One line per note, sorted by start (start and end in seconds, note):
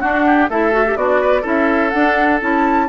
0.00 0.49 D4
0.00 0.50 D4
0.00 0.25 F#4
0.00 0.48 F#5
0.27 0.50 G4
0.50 0.96 A3
0.50 0.72 E4
0.50 0.98 A4
0.50 0.97 E5
0.72 0.84 F#4
0.87 0.96 G4
0.96 1.44 B3
0.96 1.21 D4
0.96 1.43 F#4
0.96 1.45 D5
1.21 1.42 B4
1.42 1.93 C#4
1.42 1.91 E4
1.42 2.86 A4
1.42 1.90 E5
1.90 2.42 D4
1.90 2.41 D4
1.90 2.38 F#5
2.41 2.89 C#4
2.41 2.89 E4
2.41 2.89 A5